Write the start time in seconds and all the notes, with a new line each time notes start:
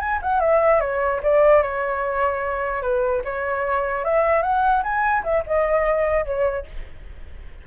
0.00 G#5
0.22 F#5
0.40 E5
0.81 C#5
1.23 D5
1.63 C#5
2.82 B4
3.25 C#5
4.05 E5
4.43 F#5
4.83 G#5
5.24 E5
5.47 D#5
6.26 C#5